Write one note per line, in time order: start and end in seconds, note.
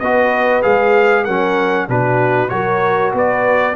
0.00 0.64 B3
0.00 0.63 F#4
0.00 1.24 B4
0.00 0.62 D#5
0.63 1.28 G#3
0.63 1.25 G#4
0.63 1.25 F5
1.24 1.89 F#3
1.24 1.89 C#4
1.24 1.87 A#4
1.24 1.87 F#5
1.89 2.51 B2
1.89 2.49 D4
1.89 2.52 F#4
1.89 2.49 B4
2.49 3.14 F#3
2.49 3.74 F#4
2.49 3.14 A#4
2.49 3.12 C#5
3.14 3.76 B3
3.14 3.76 B4
3.14 3.76 D5